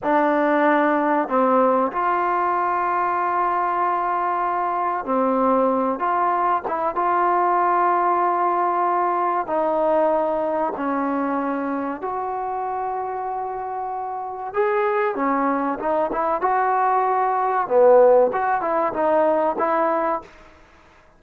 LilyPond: \new Staff \with { instrumentName = "trombone" } { \time 4/4 \tempo 4 = 95 d'2 c'4 f'4~ | f'1 | c'4. f'4 e'8 f'4~ | f'2. dis'4~ |
dis'4 cis'2 fis'4~ | fis'2. gis'4 | cis'4 dis'8 e'8 fis'2 | b4 fis'8 e'8 dis'4 e'4 | }